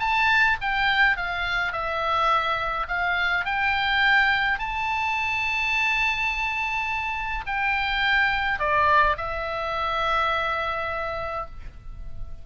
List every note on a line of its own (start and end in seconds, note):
0.00 0.57 A5
0.61 1.17 G5
1.17 1.72 F5
1.72 2.87 E5
2.88 3.45 F5
3.45 4.59 G5
4.59 7.45 A5
7.46 8.59 G5
8.59 9.17 D5
9.17 11.46 E5